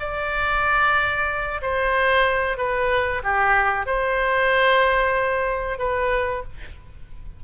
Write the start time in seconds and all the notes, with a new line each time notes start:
0.00 D5
1.62 C5
2.58 B4
3.23 G4
3.87 C5
5.79 B4